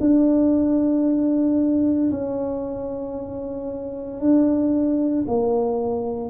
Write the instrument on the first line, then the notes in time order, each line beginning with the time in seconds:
tuba
0.00 D4
2.11 C#4
4.20 D4
5.27 A#3